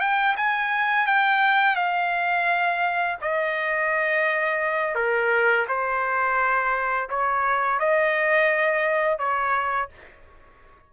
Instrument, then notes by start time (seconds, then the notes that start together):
trumpet
0.00 G5
0.37 G#5
1.07 G5
1.76 F5
3.21 D#5
4.95 A#4
5.68 C5
7.09 C#5
7.79 D#5
9.18 C#5